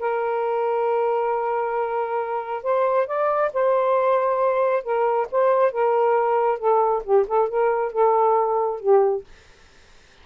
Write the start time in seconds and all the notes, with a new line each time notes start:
0.00 A#4
2.64 C5
3.08 D5
3.54 C5
4.84 A#4
5.32 C5
5.72 A#4
6.59 A4
7.04 G4
7.28 A4
7.49 A#4
7.93 A4
8.81 G4